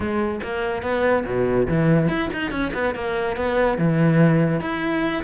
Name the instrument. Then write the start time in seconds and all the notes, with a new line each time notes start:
cello
0.00 G#3
0.43 A#3
0.82 B3
1.25 B2
1.67 E3
2.08 E4
2.33 D#4
2.51 C#4
2.73 B3
2.94 A#3
3.36 B3
3.78 E3
4.60 E4